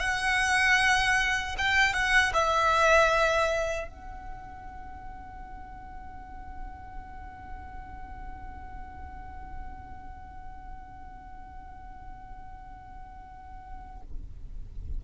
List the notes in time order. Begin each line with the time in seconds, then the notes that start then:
0.00 F#5
1.58 G5
1.93 F#5
2.33 E5
3.88 F#5